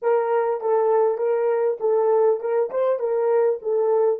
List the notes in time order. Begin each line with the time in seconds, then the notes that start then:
0.02 A#4
0.61 A4
1.17 A#4
1.80 A4
2.39 A#4
2.70 C5
2.99 A#4
3.62 A4